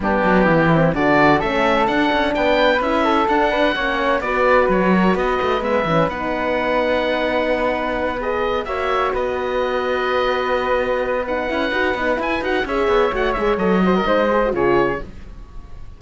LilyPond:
<<
  \new Staff \with { instrumentName = "oboe" } { \time 4/4 \tempo 4 = 128 g'2 d''4 e''4 | fis''4 g''4 e''4 fis''4~ | fis''4 d''4 cis''4 dis''4 | e''4 fis''2.~ |
fis''4. dis''4 e''4 dis''8~ | dis''1 | fis''2 gis''8 fis''8 e''4 | fis''8 e''8 dis''2 cis''4 | }
  \new Staff \with { instrumentName = "flute" } { \time 4/4 d'4 e'4 fis'4 a'4~ | a'4 b'4. a'4 b'8 | cis''4 b'4. ais'8 b'4~ | b'1~ |
b'2~ b'8 cis''4 b'8~ | b'1~ | b'2. cis''4~ | cis''4. c''16 ais'16 c''4 gis'4 | }
  \new Staff \with { instrumentName = "horn" } { \time 4/4 b4. c'8 d'4 cis'4 | d'2 e'4 d'4 | cis'4 fis'2. | b8 cis'8 dis'2.~ |
dis'4. gis'4 fis'4.~ | fis'1 | dis'8 e'8 fis'8 dis'8 e'8 fis'8 gis'4 | fis'8 gis'8 a'8 fis'8 dis'8 gis'16 fis'16 f'4 | }
  \new Staff \with { instrumentName = "cello" } { \time 4/4 g8 fis8 e4 d4 a4 | d'8 cis'8 b4 cis'4 d'4 | ais4 b4 fis4 b8 a8 | gis8 e8 b2.~ |
b2~ b8 ais4 b8~ | b1~ | b8 cis'8 dis'8 b8 e'8 dis'8 cis'8 b8 | a8 gis8 fis4 gis4 cis4 | }
>>